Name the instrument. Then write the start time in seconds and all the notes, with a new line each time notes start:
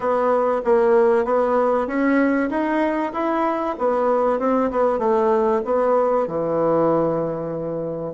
bassoon
0.00 B3
0.64 A#3
1.24 B3
1.87 C#4
2.49 D#4
3.12 E4
3.78 B3
4.39 C4
4.70 B3
4.99 A3
5.64 B3
6.27 E3